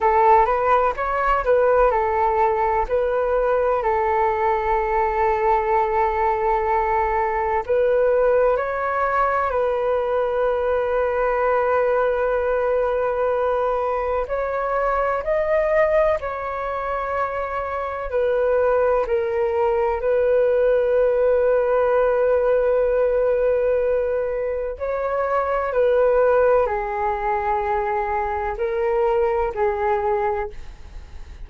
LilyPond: \new Staff \with { instrumentName = "flute" } { \time 4/4 \tempo 4 = 63 a'8 b'8 cis''8 b'8 a'4 b'4 | a'1 | b'4 cis''4 b'2~ | b'2. cis''4 |
dis''4 cis''2 b'4 | ais'4 b'2.~ | b'2 cis''4 b'4 | gis'2 ais'4 gis'4 | }